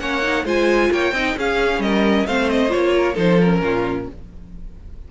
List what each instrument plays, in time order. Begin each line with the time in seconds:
0.00 cello A#3, viola C#4, violin C#5 F#5
0.22 viola D#4
0.45 cello G#3, viola F4, violin C5 G#5
0.92 cello A#3, violin C#5 G5
1.12 cello C4, viola D#4, violin D#5
1.37 cello C#4, viola C#4, violin G#4 F5
1.79 cello G3, violin A#4 D#5
2.27 cello A3, viola C4, violin C5 F5
2.49 violin D#5
2.69 viola F4, violin C#5
2.75 cello A#3
2.98 violin A#4
3.14 cello F3, viola D#4, violin A4 C5
3.41 viola C#4, violin A#4
3.61 cello A#2, violin F4